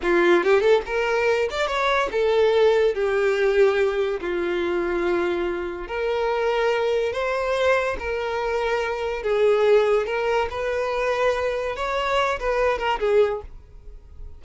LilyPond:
\new Staff \with { instrumentName = "violin" } { \time 4/4 \tempo 4 = 143 f'4 g'8 a'8 ais'4. d''8 | cis''4 a'2 g'4~ | g'2 f'2~ | f'2 ais'2~ |
ais'4 c''2 ais'4~ | ais'2 gis'2 | ais'4 b'2. | cis''4. b'4 ais'8 gis'4 | }